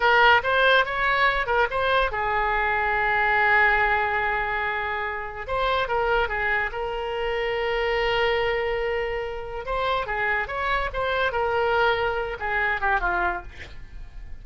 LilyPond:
\new Staff \with { instrumentName = "oboe" } { \time 4/4 \tempo 4 = 143 ais'4 c''4 cis''4. ais'8 | c''4 gis'2.~ | gis'1~ | gis'4 c''4 ais'4 gis'4 |
ais'1~ | ais'2. c''4 | gis'4 cis''4 c''4 ais'4~ | ais'4. gis'4 g'8 f'4 | }